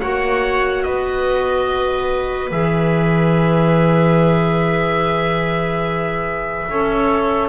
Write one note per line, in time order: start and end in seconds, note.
0.00 0.86 A#3
0.00 2.51 F#4
0.00 0.85 C#5
0.00 0.83 F#5
0.83 2.51 B3
0.83 6.69 B4
0.83 2.50 D#5
2.51 6.68 E3
2.51 6.68 G#4
2.51 7.49 E5
6.69 7.49 C#4
6.69 7.49 A4
6.69 7.49 C#5